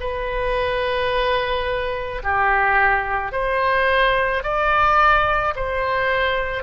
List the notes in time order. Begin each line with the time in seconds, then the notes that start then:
0.00 B4
2.23 G4
3.32 C5
4.43 D5
5.56 C5